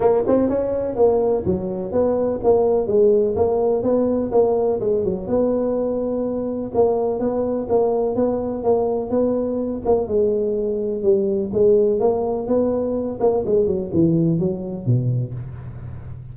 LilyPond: \new Staff \with { instrumentName = "tuba" } { \time 4/4 \tempo 4 = 125 ais8 c'8 cis'4 ais4 fis4 | b4 ais4 gis4 ais4 | b4 ais4 gis8 fis8 b4~ | b2 ais4 b4 |
ais4 b4 ais4 b4~ | b8 ais8 gis2 g4 | gis4 ais4 b4. ais8 | gis8 fis8 e4 fis4 b,4 | }